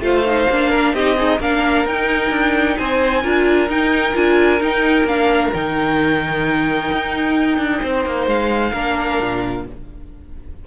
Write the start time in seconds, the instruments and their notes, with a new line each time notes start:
0.00 cello A3, viola F4, violin C5 F5
0.25 viola D#4
0.50 cello A#3, viola D4
0.70 violin A#4
0.93 cello C4, viola D#4, violin G4 D#5
1.16 violin D#4, viola G#4
1.40 cello A#3, viola D4, violin A#4 F5
1.85 cello D#4, viola D#4, violin G5
2.30 cello D4
2.77 cello C4, violin C5 G#5
3.22 cello D4, viola F4, violin A#4
3.69 cello D#4, viola D#4, violin G5
4.13 cello D4, viola F4, violin G#5
4.59 viola D#4, cello D#4, violin G5
5.04 cello A#3, viola D4, violin F5
5.53 cello D#3, viola D#4, violin G5
6.92 cello D#4
7.58 cello D4
7.82 cello C4, violin C5
8.05 cello A#3
8.26 cello G#3, violin F5
8.72 cello A#3, viola D4, violin A#4
9.21 cello A#2